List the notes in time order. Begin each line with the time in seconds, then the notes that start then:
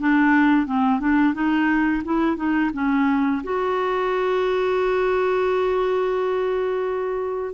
0.00 D4
0.66 C4
1.01 D4
1.34 D#4
2.05 E4
2.37 D#4
2.74 C#4
3.44 F#4